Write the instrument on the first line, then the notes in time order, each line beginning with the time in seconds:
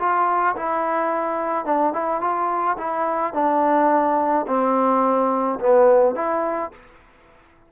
trombone
0.00 F4
0.56 E4
1.65 D4
1.93 E4
2.21 F4
2.78 E4
3.34 D4
4.48 C4
5.60 B3
6.15 E4